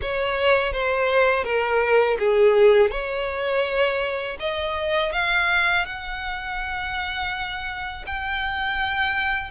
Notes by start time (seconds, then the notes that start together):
0.01 C#5
0.73 C5
1.43 A#4
2.18 G#4
2.90 C#5
4.39 D#5
5.12 F5
5.85 F#5
8.06 G5